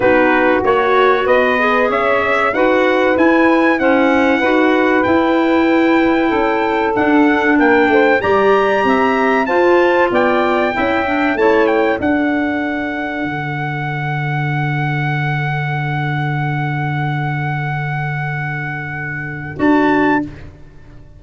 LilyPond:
<<
  \new Staff \with { instrumentName = "trumpet" } { \time 4/4 \tempo 4 = 95 b'4 cis''4 dis''4 e''4 | fis''4 gis''4 fis''2 | g''2. fis''4 | g''4 ais''2 a''4 |
g''2 a''8 g''8 fis''4~ | fis''1~ | fis''1~ | fis''2. a''4 | }
  \new Staff \with { instrumentName = "saxophone" } { \time 4/4 fis'2 b'4 cis''4 | b'2 c''4 b'4~ | b'2 a'2 | ais'8 c''8 d''4 e''4 c''4 |
d''4 e''4 cis''4 a'4~ | a'1~ | a'1~ | a'1 | }
  \new Staff \with { instrumentName = "clarinet" } { \time 4/4 dis'4 fis'4. gis'4. | fis'4 e'4 cis'4 fis'4 | e'2. d'4~ | d'4 g'2 f'4~ |
f'4 e'8 d'8 e'4 d'4~ | d'1~ | d'1~ | d'2. fis'4 | }
  \new Staff \with { instrumentName = "tuba" } { \time 4/4 b4 ais4 b4 cis'4 | dis'4 e'2 dis'4 | e'2 cis'4 d'4 | ais8 a8 g4 c'4 f'4 |
b4 cis'4 a4 d'4~ | d'4 d2.~ | d1~ | d2. d'4 | }
>>